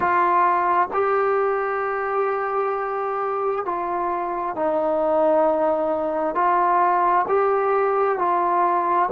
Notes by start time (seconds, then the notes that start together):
0.00 F4
0.93 G4
3.65 F4
4.55 D#4
6.34 F4
7.27 G4
8.18 F4